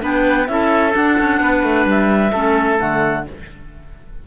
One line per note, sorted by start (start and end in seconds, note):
0.00 0.48 B3
0.00 0.46 D4
0.00 0.48 B4
0.00 0.47 G5
0.47 0.94 C#4
0.47 0.91 E4
0.47 1.41 A4
0.47 0.93 E5
0.91 2.29 D4
0.91 1.19 D4
0.91 1.87 F#5
1.19 1.40 C#4
1.40 1.62 B3
1.40 2.32 B4
1.62 1.85 A3
1.85 2.31 G3
1.85 2.79 E5
2.32 2.79 A3
2.32 2.78 C#4
2.32 3.24 A4
2.78 3.26 D3
2.78 3.24 A3
2.78 3.25 F#5